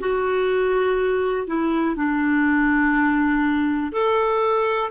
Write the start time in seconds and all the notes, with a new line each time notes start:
0.00 F#4
1.47 E4
1.96 D4
3.93 A4